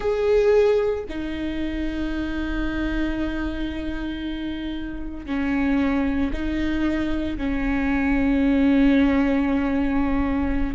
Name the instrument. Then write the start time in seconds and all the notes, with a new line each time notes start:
viola
0.00 G#4
1.09 D#4
5.26 C#4
6.32 D#4
7.37 C#4